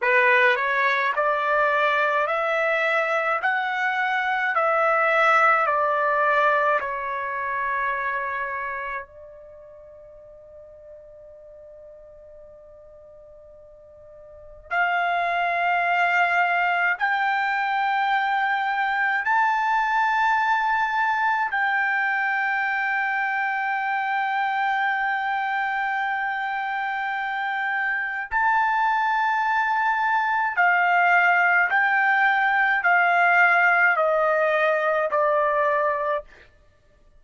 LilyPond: \new Staff \with { instrumentName = "trumpet" } { \time 4/4 \tempo 4 = 53 b'8 cis''8 d''4 e''4 fis''4 | e''4 d''4 cis''2 | d''1~ | d''4 f''2 g''4~ |
g''4 a''2 g''4~ | g''1~ | g''4 a''2 f''4 | g''4 f''4 dis''4 d''4 | }